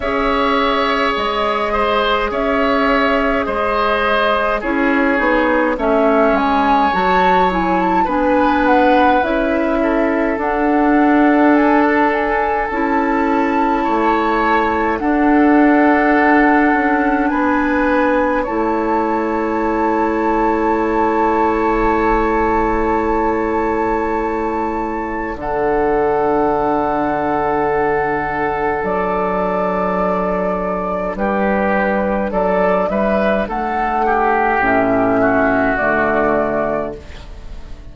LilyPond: <<
  \new Staff \with { instrumentName = "flute" } { \time 4/4 \tempo 4 = 52 e''4 dis''4 e''4 dis''4 | cis''4 e''8 gis''8 a''8 gis''16 a''16 gis''8 fis''8 | e''4 fis''4 gis''16 a''16 gis''8 a''4~ | a''4 fis''2 gis''4 |
a''1~ | a''2 fis''2~ | fis''4 d''2 b'4 | d''8 e''8 fis''4 e''4 d''4 | }
  \new Staff \with { instrumentName = "oboe" } { \time 4/4 cis''4. c''8 cis''4 c''4 | gis'4 cis''2 b'4~ | b'8 a'2.~ a'8 | cis''4 a'2 b'4 |
cis''1~ | cis''2 a'2~ | a'2. g'4 | a'8 b'8 a'8 g'4 fis'4. | }
  \new Staff \with { instrumentName = "clarinet" } { \time 4/4 gis'1 | e'8 dis'8 cis'4 fis'8 e'8 d'4 | e'4 d'2 e'4~ | e'4 d'2. |
e'1~ | e'2 d'2~ | d'1~ | d'2 cis'4 a4 | }
  \new Staff \with { instrumentName = "bassoon" } { \time 4/4 cis'4 gis4 cis'4 gis4 | cis'8 b8 a8 gis8 fis4 b4 | cis'4 d'2 cis'4 | a4 d'4. cis'8 b4 |
a1~ | a2 d2~ | d4 fis2 g4 | fis8 g8 a4 a,4 d4 | }
>>